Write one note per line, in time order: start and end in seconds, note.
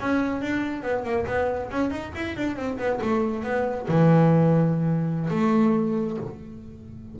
0.00 0.41 C#4
0.41 0.82 D4
0.82 1.04 B3
1.04 1.25 A#3
1.26 1.70 B3
1.71 1.90 C#4
1.90 2.12 D#4
2.15 2.36 E4
2.36 2.56 D4
2.56 2.78 C4
2.78 2.99 B3
3.01 3.43 A3
3.43 3.87 B3
3.88 5.29 E3
5.30 6.17 A3